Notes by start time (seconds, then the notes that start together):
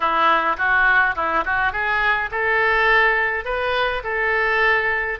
0.00 E4
0.57 F#4
1.15 E4
1.45 F#4
1.72 G#4
2.31 A4
3.45 B4
4.03 A4